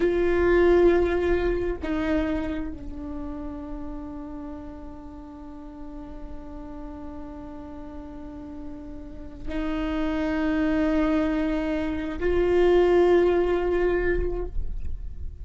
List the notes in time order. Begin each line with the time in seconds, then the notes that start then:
0.00 F4
1.82 D#4
2.72 D4
9.48 D#4
12.19 F4